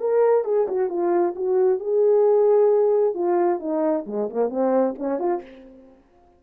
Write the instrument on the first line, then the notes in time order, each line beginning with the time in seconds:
horn
0.00 A#4
0.44 G#4
0.68 F#4
0.89 F4
1.35 F#4
1.79 G#4
3.14 F4
3.59 D#4
4.06 G#3
4.29 A#3
4.49 C4
4.98 C#4
5.19 F4